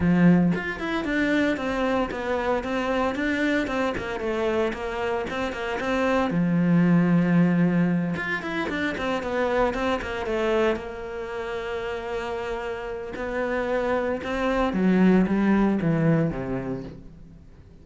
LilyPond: \new Staff \with { instrumentName = "cello" } { \time 4/4 \tempo 4 = 114 f4 f'8 e'8 d'4 c'4 | b4 c'4 d'4 c'8 ais8 | a4 ais4 c'8 ais8 c'4 | f2.~ f8 f'8 |
e'8 d'8 c'8 b4 c'8 ais8 a8~ | a8 ais2.~ ais8~ | ais4 b2 c'4 | fis4 g4 e4 c4 | }